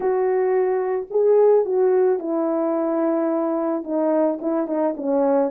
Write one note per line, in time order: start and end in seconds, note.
0.00 1.06 F#4
1.10 1.65 G#4
1.65 2.19 F#4
2.19 3.83 E4
3.83 4.38 D#4
4.41 4.67 E4
4.67 4.94 D#4
4.96 5.50 C#4